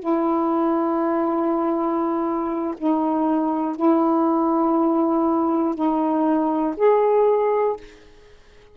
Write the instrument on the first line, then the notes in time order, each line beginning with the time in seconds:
saxophone
0.00 E4
2.78 D#4
3.76 E4
5.75 D#4
6.76 G#4